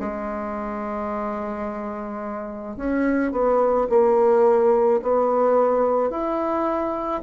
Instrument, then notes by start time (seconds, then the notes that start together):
bassoon
0.00 G#3
2.77 C#4
3.32 B3
3.90 A#3
5.03 B3
6.11 E4